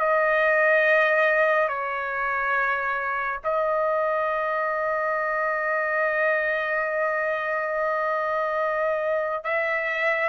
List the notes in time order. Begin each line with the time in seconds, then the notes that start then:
0.00 D#5
1.69 C#5
3.44 D#5
9.44 E5